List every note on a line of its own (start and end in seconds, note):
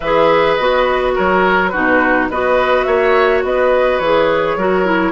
0.00 0.58 E3
0.00 0.59 G#4
0.00 1.14 B4
0.00 0.55 E5
0.55 1.16 B3
0.55 1.73 F#4
0.55 1.12 D#5
1.14 1.75 F#3
1.14 1.71 A#4
1.14 1.68 C#5
1.68 2.30 D#4
1.68 2.28 F#4
1.68 2.25 B4
1.75 2.29 B2
2.29 2.86 B3
2.29 4.04 F#4
2.29 2.87 B4
2.29 2.84 D#5
2.84 3.43 A#3
2.84 3.44 C#5
2.84 3.41 E5
3.43 3.99 B3
3.43 4.57 B4
3.43 3.98 D#5
3.98 4.56 E3
3.98 4.59 G#4
3.98 5.12 C#5
4.56 5.12 F#3
4.56 4.85 F#4
4.56 5.12 A#4
4.85 5.12 E4